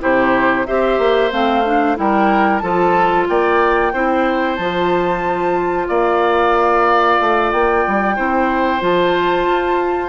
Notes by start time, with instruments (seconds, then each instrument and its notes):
0.00 bassoon C3, clarinet E4, oboe G4, flute C5
0.66 bassoon C4, clarinet G4, oboe C5, flute E5
0.98 bassoon A#3
1.31 bassoon A3, clarinet C4, flute F5
1.65 clarinet D4
1.96 bassoon G3, clarinet E4, oboe A#4, flute G5
2.58 bassoon F3, clarinet F4, oboe A4, flute A5
3.28 bassoon A#3, oboe D5, flute G5
3.93 bassoon C4, clarinet E4, oboe C5
4.55 bassoon F3, clarinet F4, flute A5
5.88 bassoon A#3, oboe D5, flute F5
7.20 bassoon A3
7.51 bassoon A#3, flute G5
7.87 bassoon G3
8.15 bassoon C4, clarinet E4, oboe C5
8.80 bassoon F3, clarinet F4, flute A5
9.46 bassoon F4